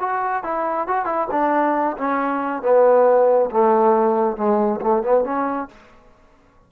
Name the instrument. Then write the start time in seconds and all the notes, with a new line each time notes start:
trombone
0.00 F#4
0.44 E4
0.88 F#4
1.06 E4
1.31 D4
1.97 C#4
2.62 B3
3.51 A3
4.37 G#3
4.81 A3
5.03 B3
5.24 C#4